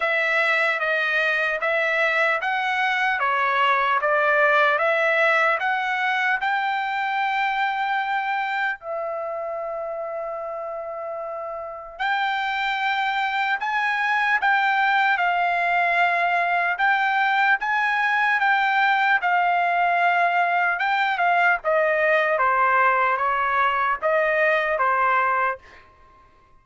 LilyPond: \new Staff \with { instrumentName = "trumpet" } { \time 4/4 \tempo 4 = 75 e''4 dis''4 e''4 fis''4 | cis''4 d''4 e''4 fis''4 | g''2. e''4~ | e''2. g''4~ |
g''4 gis''4 g''4 f''4~ | f''4 g''4 gis''4 g''4 | f''2 g''8 f''8 dis''4 | c''4 cis''4 dis''4 c''4 | }